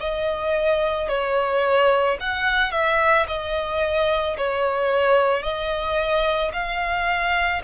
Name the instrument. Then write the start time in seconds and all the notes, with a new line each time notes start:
violin
0.00 D#5
1.09 C#5
2.20 F#5
2.72 E5
3.27 D#5
4.37 C#5
5.42 D#5
6.53 F5